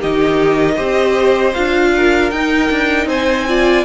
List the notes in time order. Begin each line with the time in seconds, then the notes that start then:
0.00 D#3 D#4 G4 D#5
0.75 C4 G4 C5
1.54 D4 F4 F5
1.95 A#4
2.30 D#4 G5
2.70 D4
3.06 C4 C5 G#5
3.48 F4 D5